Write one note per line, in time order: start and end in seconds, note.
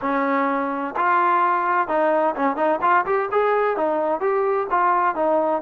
0.01 0.94 C#4
0.96 1.88 F4
1.88 2.35 D#4
2.35 2.56 C#4
2.56 2.79 D#4
2.81 3.05 F4
3.05 3.29 G4
3.31 3.76 G#4
3.76 4.20 D#4
4.20 4.67 G4
4.70 5.15 F4
5.15 5.61 D#4